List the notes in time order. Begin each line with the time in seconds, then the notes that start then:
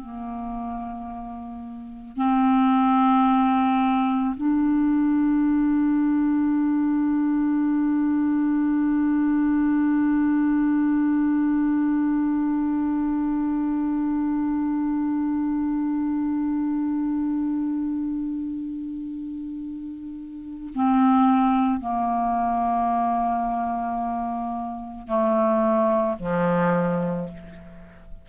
0.00 A#3
2.17 C4
4.37 D4
20.75 C4
21.81 A#3
25.09 A3
26.20 F3